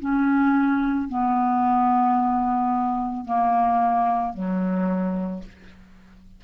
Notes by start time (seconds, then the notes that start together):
0.00 C#4
1.09 B3
3.25 A#3
4.34 F#3